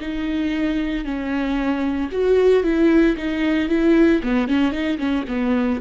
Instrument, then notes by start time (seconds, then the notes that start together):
viola
0.00 D#4
1.05 C#4
2.12 F#4
2.63 E4
3.17 D#4
3.69 E4
4.23 B3
4.48 C#4
4.72 D#4
4.98 C#4
5.28 B3